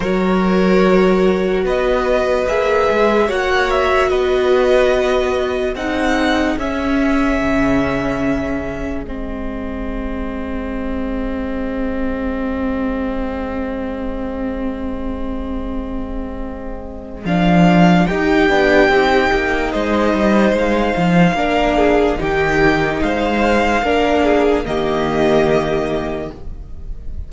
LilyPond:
<<
  \new Staff \with { instrumentName = "violin" } { \time 4/4 \tempo 4 = 73 cis''2 dis''4 e''4 | fis''8 e''8 dis''2 fis''4 | e''2. dis''4~ | dis''1~ |
dis''1~ | dis''4 f''4 g''2 | dis''4 f''2 g''4 | f''2 dis''2 | }
  \new Staff \with { instrumentName = "violin" } { \time 4/4 ais'2 b'2 | cis''4 b'2 gis'4~ | gis'1~ | gis'1~ |
gis'1~ | gis'2 g'2 | c''2 ais'8 gis'8 g'4 | c''4 ais'8 gis'8 g'2 | }
  \new Staff \with { instrumentName = "viola" } { \time 4/4 fis'2. gis'4 | fis'2. dis'4 | cis'2. c'4~ | c'1~ |
c'1~ | c'4 d'4 dis'8 d'8 dis'4~ | dis'2 d'4 dis'4~ | dis'4 d'4 ais2 | }
  \new Staff \with { instrumentName = "cello" } { \time 4/4 fis2 b4 ais8 gis8 | ais4 b2 c'4 | cis'4 cis2 gis4~ | gis1~ |
gis1~ | gis4 f4 dis'8 b8 c'8 ais8 | gis8 g8 gis8 f8 ais4 dis4 | gis4 ais4 dis2 | }
>>